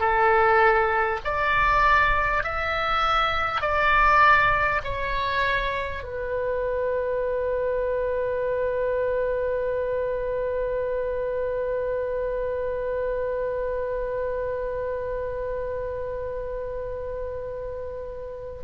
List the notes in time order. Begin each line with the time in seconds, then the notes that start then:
0.00 A4
1.25 D5
2.44 E5
3.62 D5
4.84 C#5
6.04 B4